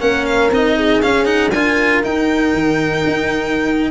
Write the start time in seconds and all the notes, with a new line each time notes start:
0.00 A#3 C#4 A#4 F#5
0.26 F5
0.50 C4 D#4 D#5
0.77 G#4
1.02 C#4 F5
1.25 D#4 F#5
1.52 D4 F4 A#4 G#5
2.04 D#4 G5
2.54 D#3
3.07 D#4